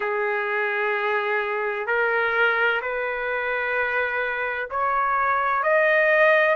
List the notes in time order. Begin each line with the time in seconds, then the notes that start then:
0.00 G#4
1.87 A#4
2.81 B4
4.70 C#5
5.63 D#5